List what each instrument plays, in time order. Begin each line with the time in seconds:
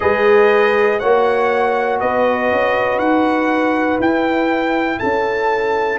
0.00 tuba G#3, trombone G#4, horn B4, trumpet D#5
0.99 tuba A#3, trombone F#4, horn C#5, trumpet F#5
2.00 tuba B3, horn B4, trumpet D#5
2.51 tuba C#4
2.98 tuba D#4, trumpet F#5
3.99 tuba E4, trombone E4, trumpet G5
4.99 tuba C#4, horn A4, trumpet A5